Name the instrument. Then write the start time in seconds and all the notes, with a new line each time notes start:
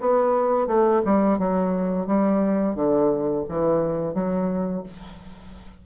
bassoon
0.00 B3
0.67 A3
1.05 G3
1.39 F#3
2.07 G3
2.75 D3
3.49 E3
4.14 F#3